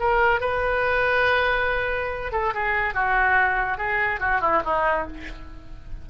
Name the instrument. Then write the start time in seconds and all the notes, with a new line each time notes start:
oboe
0.00 A#4
0.41 B4
2.32 A4
2.54 G#4
2.94 F#4
3.78 G#4
4.20 F#4
4.41 E4
4.65 D#4